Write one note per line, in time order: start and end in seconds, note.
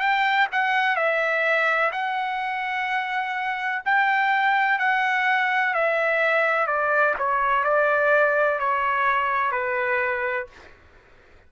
0.00 0.48 G5
0.52 0.96 F#5
0.96 1.91 E5
1.92 3.83 F#5
3.86 4.79 G5
4.79 5.74 F#5
5.74 6.67 E5
6.67 7.15 D5
7.19 7.65 C#5
7.65 8.59 D5
8.59 9.52 C#5
9.52 10.47 B4